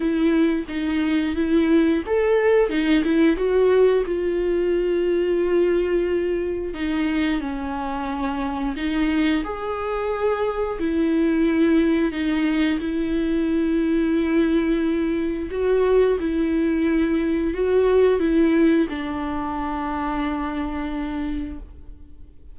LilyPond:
\new Staff \with { instrumentName = "viola" } { \time 4/4 \tempo 4 = 89 e'4 dis'4 e'4 a'4 | dis'8 e'8 fis'4 f'2~ | f'2 dis'4 cis'4~ | cis'4 dis'4 gis'2 |
e'2 dis'4 e'4~ | e'2. fis'4 | e'2 fis'4 e'4 | d'1 | }